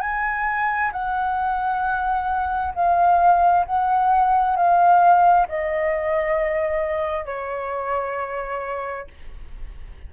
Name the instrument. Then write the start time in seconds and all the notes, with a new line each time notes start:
flute
0.00 G#5
0.92 F#5
2.74 F5
3.66 F#5
4.56 F5
5.48 D#5
7.25 C#5